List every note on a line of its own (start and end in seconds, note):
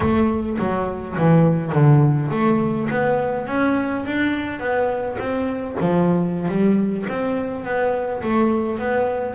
0.00 0.57 A3
0.58 1.16 F#3
1.17 1.72 E3
1.72 2.29 D3
2.30 2.88 A3
2.90 3.46 B3
3.46 4.04 C#4
4.05 4.59 D4
4.59 5.17 B3
5.18 5.76 C4
5.80 6.48 F3
6.48 7.06 G3
7.09 7.64 C4
7.64 8.22 B3
8.22 8.78 A3
8.78 9.34 B3